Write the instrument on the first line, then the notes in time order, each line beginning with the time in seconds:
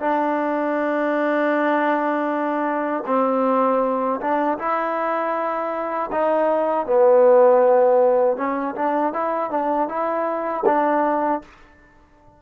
trombone
0.00 D4
3.06 C4
4.20 D4
4.58 E4
6.12 D#4
6.87 B3
8.37 C#4
8.75 D4
9.13 E4
9.50 D4
9.88 E4
10.66 D4